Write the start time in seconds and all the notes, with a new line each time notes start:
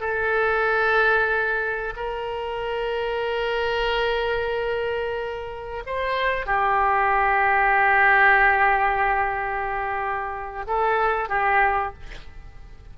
0.00 A4
1.96 A#4
5.86 C5
6.46 G4
10.67 A4
11.28 G4